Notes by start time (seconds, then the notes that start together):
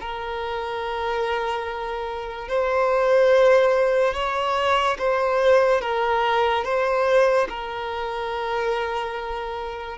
0.00 A#4
2.48 C5
4.14 C#5
4.98 C5
5.81 A#4
6.64 C5
7.48 A#4